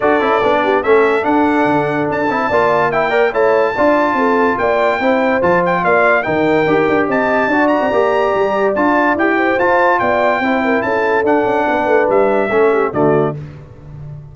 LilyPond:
<<
  \new Staff \with { instrumentName = "trumpet" } { \time 4/4 \tempo 4 = 144 d''2 e''4 fis''4~ | fis''4 a''2 g''4 | a''2. g''4~ | g''4 a''8 g''8 f''4 g''4~ |
g''4 a''4. ais''4.~ | ais''4 a''4 g''4 a''4 | g''2 a''4 fis''4~ | fis''4 e''2 d''4 | }
  \new Staff \with { instrumentName = "horn" } { \time 4/4 a'4. g'8 a'2~ | a'2 d''4 e''8 d''8 | cis''4 d''4 a'4 d''4 | c''2 d''4 ais'4~ |
ais'4 dis''4 d''2~ | d''2~ d''8 c''4. | d''4 c''8 ais'8 a'2 | b'2 a'8 g'8 fis'4 | }
  \new Staff \with { instrumentName = "trombone" } { \time 4/4 fis'8 e'8 d'4 cis'4 d'4~ | d'4. e'8 f'4 e'8 ais'8 | e'4 f'2. | e'4 f'2 dis'4 |
g'2 fis'4 g'4~ | g'4 f'4 g'4 f'4~ | f'4 e'2 d'4~ | d'2 cis'4 a4 | }
  \new Staff \with { instrumentName = "tuba" } { \time 4/4 d'8 cis'8 b4 a4 d'4 | d4 d'8 c'8 ais2 | a4 d'4 c'4 ais4 | c'4 f4 ais4 dis4 |
dis'8 d'8 c'4 d'8. c'16 ais4 | g4 d'4 e'4 f'4 | b4 c'4 cis'4 d'8 cis'8 | b8 a8 g4 a4 d4 | }
>>